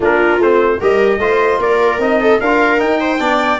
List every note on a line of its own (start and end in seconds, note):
0.00 0.38 A#3
0.00 0.40 D4
0.00 0.79 F4
0.00 0.42 A#4
0.38 0.78 A3
0.38 0.80 C4
0.38 0.82 C5
0.79 1.18 G3
0.79 1.20 G4
0.79 1.19 A#4
0.79 1.61 D#5
1.18 1.58 A3
1.18 1.99 F4
1.18 1.60 C5
1.58 1.98 A#3
1.58 2.20 A#4
1.58 2.01 D5
1.99 2.39 C4
1.99 2.39 D#4
1.99 2.40 D#5
2.21 2.40 A4
2.40 2.79 D4
2.40 2.78 F4
2.40 3.00 A#4
2.40 2.80 F5
2.78 3.18 D#4
2.78 3.19 D#4
2.78 3.59 G5
3.00 3.20 C5
3.19 3.59 B3
3.19 3.59 D4
3.19 3.59 D5